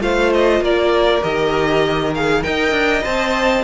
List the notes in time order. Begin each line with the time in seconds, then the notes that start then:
0.00 A3 F4 C5 F5
0.33 D#5
0.61 A#3 A#4 D5
1.22 D#3 G4 D#5
2.15 G#4 F5
2.43 D#4 A#4 D#5 G5
2.72 D4
3.03 C4 C5 A5